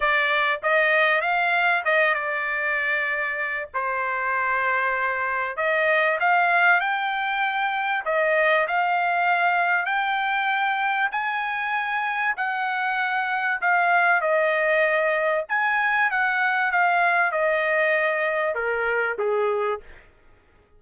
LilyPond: \new Staff \with { instrumentName = "trumpet" } { \time 4/4 \tempo 4 = 97 d''4 dis''4 f''4 dis''8 d''8~ | d''2 c''2~ | c''4 dis''4 f''4 g''4~ | g''4 dis''4 f''2 |
g''2 gis''2 | fis''2 f''4 dis''4~ | dis''4 gis''4 fis''4 f''4 | dis''2 ais'4 gis'4 | }